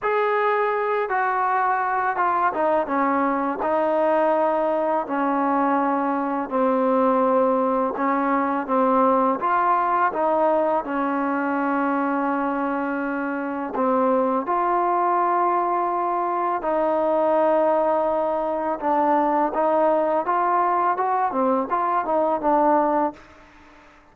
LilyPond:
\new Staff \with { instrumentName = "trombone" } { \time 4/4 \tempo 4 = 83 gis'4. fis'4. f'8 dis'8 | cis'4 dis'2 cis'4~ | cis'4 c'2 cis'4 | c'4 f'4 dis'4 cis'4~ |
cis'2. c'4 | f'2. dis'4~ | dis'2 d'4 dis'4 | f'4 fis'8 c'8 f'8 dis'8 d'4 | }